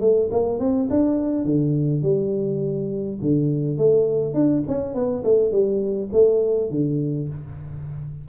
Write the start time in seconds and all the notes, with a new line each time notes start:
0.00 A3
0.31 A#3
0.59 C4
0.90 D4
1.44 D3
2.02 G3
3.21 D3
3.77 A3
4.34 D4
4.67 C#4
4.94 B3
5.24 A3
5.51 G3
6.12 A3
6.70 D3